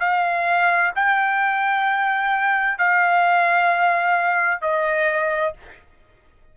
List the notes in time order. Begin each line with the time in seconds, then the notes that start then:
0.00 F5
0.96 G5
2.79 F5
4.62 D#5